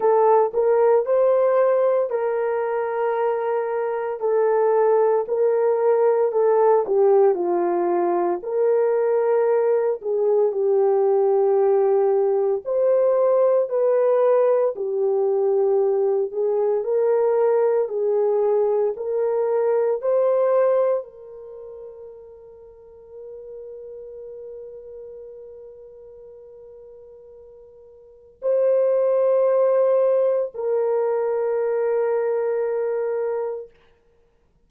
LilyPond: \new Staff \with { instrumentName = "horn" } { \time 4/4 \tempo 4 = 57 a'8 ais'8 c''4 ais'2 | a'4 ais'4 a'8 g'8 f'4 | ais'4. gis'8 g'2 | c''4 b'4 g'4. gis'8 |
ais'4 gis'4 ais'4 c''4 | ais'1~ | ais'2. c''4~ | c''4 ais'2. | }